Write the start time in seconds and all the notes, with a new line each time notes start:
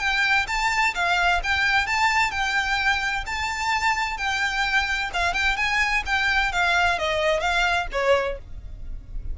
0.00 G5
0.48 A5
0.95 F5
1.44 G5
1.87 A5
2.32 G5
3.27 A5
4.18 G5
5.14 F5
5.34 G5
5.57 G#5
6.07 G5
6.52 F5
6.99 D#5
7.41 F5
7.92 C#5